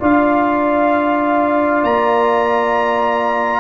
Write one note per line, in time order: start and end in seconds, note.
0.00 1.83 D4
0.00 3.60 F4
0.00 3.60 D5
0.00 1.84 F5
1.83 3.60 A#3
1.83 3.60 A#5